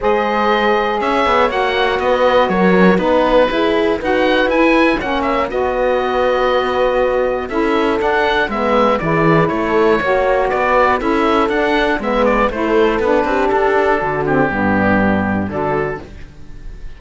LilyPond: <<
  \new Staff \with { instrumentName = "oboe" } { \time 4/4 \tempo 4 = 120 dis''2 e''4 fis''4 | dis''4 cis''4 b'2 | fis''4 gis''4 fis''8 e''8 dis''4~ | dis''2. e''4 |
fis''4 e''4 d''4 cis''4~ | cis''4 d''4 e''4 fis''4 | e''8 d''8 c''4 b'4 a'4~ | a'8 g'2~ g'8 a'4 | }
  \new Staff \with { instrumentName = "horn" } { \time 4/4 c''2 cis''2 | b'4 ais'4 b'4 gis'4 | b'2 cis''4 b'4~ | b'2. a'4~ |
a'4 b'4 gis'4 a'4 | cis''4 b'4 a'2 | b'4 a'4. g'4. | fis'4 d'2 fis'4 | }
  \new Staff \with { instrumentName = "saxophone" } { \time 4/4 gis'2. fis'4~ | fis'4. cis'16 fis'16 dis'4 e'4 | fis'4 e'4 cis'4 fis'4~ | fis'2. e'4 |
d'4 b4 e'2 | fis'2 e'4 d'4 | b4 e'4 d'2~ | d'8 c'8 b2 d'4 | }
  \new Staff \with { instrumentName = "cello" } { \time 4/4 gis2 cis'8 b8 ais4 | b4 fis4 b4 e'4 | dis'4 e'4 ais4 b4~ | b2. cis'4 |
d'4 gis4 e4 a4 | ais4 b4 cis'4 d'4 | gis4 a4 b8 c'8 d'4 | d4 g,2 d4 | }
>>